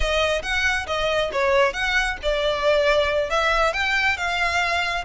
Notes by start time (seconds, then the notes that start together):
0.00 D#5
0.42 F#5
0.86 D#5
1.32 C#5
1.73 F#5
2.22 D5
3.30 E5
3.73 G5
4.17 F5